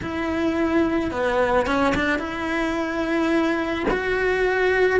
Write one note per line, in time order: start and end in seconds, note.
0.02 1.11 E4
1.11 1.66 B3
1.66 1.94 C#4
1.94 2.18 D4
2.18 3.85 E4
3.90 5.00 F#4